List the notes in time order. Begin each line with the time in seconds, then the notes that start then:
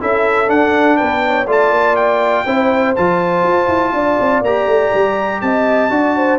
0.00 C#4 E4 A4 E5
0.47 D4 F#5
0.97 B3 B4 G5
1.26 C#5
1.47 A3 F4 D5 A5
1.70 A#3
1.96 G5
2.46 C4 E4 C5
2.95 F3 F4 A5
3.43 F4
3.68 E4
3.93 D4 D5
4.20 C4
4.41 A#3 G4 A#5
4.66 A3
4.94 G3
5.41 C4 D#5 A5
5.90 D4 F#4 D5
6.16 C5